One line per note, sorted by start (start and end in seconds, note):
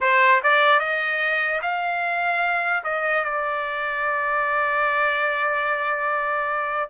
0.00 0.41 C5
0.43 0.79 D5
0.79 1.60 D#5
1.62 2.83 F5
2.84 3.24 D#5
3.24 6.89 D5